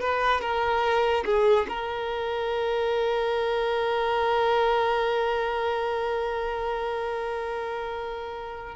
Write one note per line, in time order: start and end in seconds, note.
0.00 0.41 B4
0.41 1.24 A#4
1.25 1.66 G#4
1.68 8.75 A#4